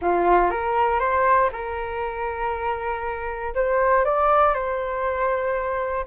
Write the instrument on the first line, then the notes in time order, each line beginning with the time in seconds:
flute
0.01 F4
0.50 A#4
0.99 C5
1.52 A#4
3.55 C5
4.05 D5
4.54 C5